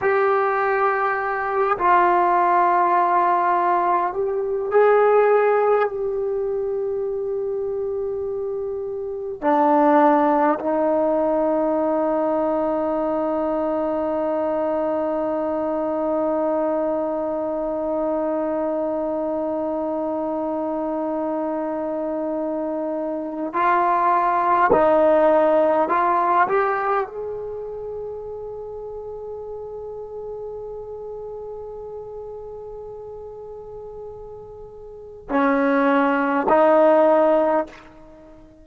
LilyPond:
\new Staff \with { instrumentName = "trombone" } { \time 4/4 \tempo 4 = 51 g'4. f'2 g'8 | gis'4 g'2. | d'4 dis'2.~ | dis'1~ |
dis'1 | f'4 dis'4 f'8 g'8 gis'4~ | gis'1~ | gis'2 cis'4 dis'4 | }